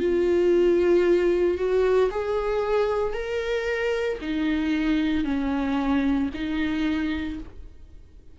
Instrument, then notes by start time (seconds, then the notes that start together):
viola
0.00 F4
1.58 F#4
2.11 G#4
3.13 A#4
4.22 D#4
5.25 C#4
6.34 D#4